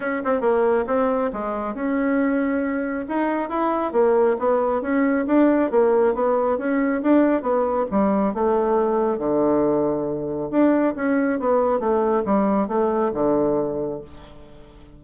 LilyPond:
\new Staff \with { instrumentName = "bassoon" } { \time 4/4 \tempo 4 = 137 cis'8 c'8 ais4 c'4 gis4 | cis'2. dis'4 | e'4 ais4 b4 cis'4 | d'4 ais4 b4 cis'4 |
d'4 b4 g4 a4~ | a4 d2. | d'4 cis'4 b4 a4 | g4 a4 d2 | }